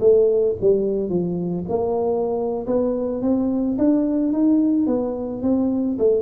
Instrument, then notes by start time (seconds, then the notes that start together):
tuba
0.00 A3
0.61 G3
1.09 F3
1.68 A#3
2.66 B3
3.21 C4
3.78 D4
4.32 D#4
4.86 B3
5.42 C4
5.98 A3